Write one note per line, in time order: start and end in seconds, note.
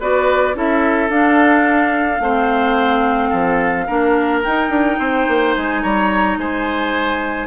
0.00 0.55 B3
0.00 0.54 F#4
0.00 0.56 B4
0.00 0.57 D5
0.54 1.09 C#4
0.54 1.09 E4
0.54 2.22 A4
0.54 1.10 E5
1.09 2.20 D4
1.09 2.22 D4
1.09 4.43 F5
2.20 3.31 A3
2.20 3.88 C4
2.20 3.29 C5
3.29 3.88 F3
3.29 3.84 A4
3.87 4.44 A#3
3.87 4.43 D4
3.87 4.98 A#4
4.43 7.46 D#4
4.43 4.69 D#4
4.43 5.54 G5
4.69 4.97 D4
4.99 5.27 C4
4.99 5.82 C5
5.28 5.56 A#3
5.55 5.84 G#3
5.55 5.83 G#5
5.82 6.37 G3
5.82 6.38 C#5
5.82 6.38 A#5
6.37 7.46 G#3
6.37 7.46 C5
6.37 7.46 G#5